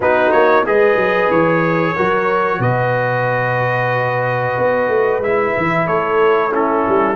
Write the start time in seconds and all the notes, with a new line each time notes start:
0.00 B3 D#4 F#4 B4
0.31 A#3 C#5
0.65 G#3 G#4 B4 D#5
0.96 F#3
1.30 E3 C#5
1.95 F#3 F#4 A#4
2.59 B2 B4 D#5
4.58 B3
4.88 A3
5.19 G#3 E4 E5
5.57 E3
5.86 A3 A4 C#5
6.51 C#4 E4 A4
6.88 G3